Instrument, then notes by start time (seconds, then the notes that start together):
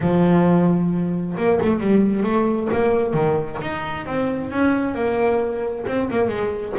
double bass
0.00 F3
1.37 A#3
1.61 A3
1.80 G3
2.23 A3
2.72 A#3
3.13 D#3
3.61 D#4
4.06 C4
4.51 C#4
4.95 A#3
5.86 C4
6.10 A#3
6.28 G#3